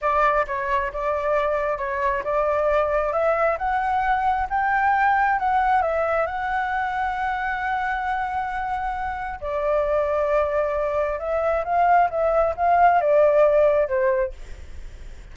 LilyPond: \new Staff \with { instrumentName = "flute" } { \time 4/4 \tempo 4 = 134 d''4 cis''4 d''2 | cis''4 d''2 e''4 | fis''2 g''2 | fis''4 e''4 fis''2~ |
fis''1~ | fis''4 d''2.~ | d''4 e''4 f''4 e''4 | f''4 d''2 c''4 | }